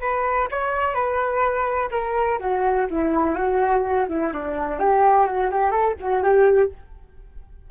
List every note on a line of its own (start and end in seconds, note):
0.00 0.48 B4
0.50 0.94 C#5
0.94 1.89 B4
1.91 2.38 A#4
2.39 2.86 F#4
2.90 3.35 E4
3.35 4.06 F#4
4.08 4.32 E4
4.33 4.79 D4
4.79 5.26 G4
5.26 5.50 F#4
5.51 5.71 G4
5.71 5.95 A4
6.00 6.23 F#4
6.23 6.70 G4